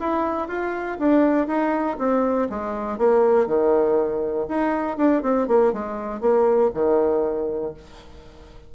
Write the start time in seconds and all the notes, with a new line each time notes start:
0.00 E4
0.48 F4
0.99 D4
1.47 D#4
1.99 C4
2.50 G#3
2.98 A#3
3.47 D#3
4.49 D#4
4.98 D4
5.23 C4
5.48 A#3
5.73 G#3
6.21 A#3
6.74 D#3